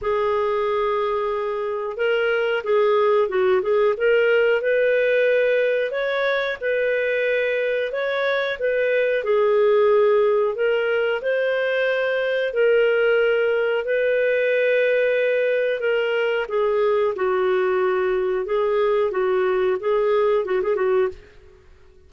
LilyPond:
\new Staff \with { instrumentName = "clarinet" } { \time 4/4 \tempo 4 = 91 gis'2. ais'4 | gis'4 fis'8 gis'8 ais'4 b'4~ | b'4 cis''4 b'2 | cis''4 b'4 gis'2 |
ais'4 c''2 ais'4~ | ais'4 b'2. | ais'4 gis'4 fis'2 | gis'4 fis'4 gis'4 fis'16 gis'16 fis'8 | }